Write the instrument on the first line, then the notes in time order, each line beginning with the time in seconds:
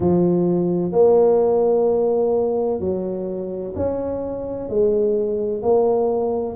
tuba
0.00 F3
0.92 A#3
2.79 F#3
3.75 C#4
4.69 G#3
5.62 A#3